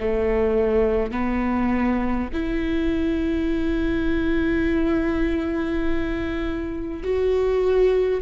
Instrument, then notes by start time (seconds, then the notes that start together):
viola
0.00 A3
1.12 B3
2.33 E4
7.04 F#4